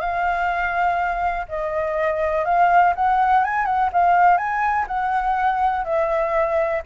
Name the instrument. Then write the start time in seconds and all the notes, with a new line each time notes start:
flute
0.00 F5
1.49 D#5
2.45 F5
2.96 F#5
3.44 G#5
3.65 F#5
3.92 F5
4.37 G#5
4.87 F#5
5.85 E5